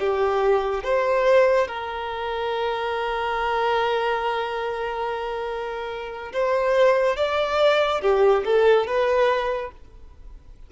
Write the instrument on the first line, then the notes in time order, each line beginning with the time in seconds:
violin
0.00 G4
0.84 C5
1.68 A#4
6.33 C5
7.17 D5
8.02 G4
8.45 A4
8.87 B4